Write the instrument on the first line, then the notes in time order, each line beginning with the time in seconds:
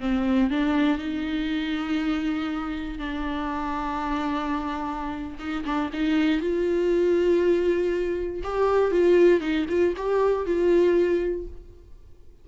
viola
0.00 C4
0.50 D4
0.98 D#4
2.99 D4
5.39 D#4
5.65 D4
5.93 D#4
6.41 F4
8.44 G4
8.92 F4
9.41 D#4
9.69 F4
9.96 G4
10.46 F4